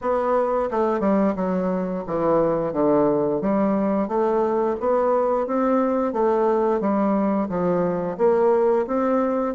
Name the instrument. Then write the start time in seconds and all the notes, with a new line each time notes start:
bassoon
0.01 B3
0.70 A3
0.99 G3
1.35 F#3
2.06 E3
2.73 D3
3.41 G3
4.08 A3
4.80 B3
5.47 C4
6.12 A3
6.80 G3
7.48 F3
8.17 A#3
8.86 C4